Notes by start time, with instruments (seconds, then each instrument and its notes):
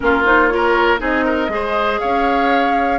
0.00 bassoon A#3, clarinet C#4, oboe F4, flute A#4
0.24 clarinet D#4, flute C5
0.48 clarinet F4, oboe A#4, flute C#5
0.98 bassoon C4, clarinet D#4, oboe G#4, flute D#5
1.24 oboe A#4
1.48 bassoon G#3, clarinet G#4, oboe C5
1.99 bassoon C#4, oboe C#5, flute F5